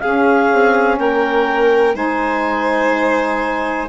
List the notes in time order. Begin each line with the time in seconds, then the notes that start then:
0.00 C#4 G#4 F5
0.52 C4
0.98 A#3 A#4 G5
1.93 G#3 D#4 C5 G#5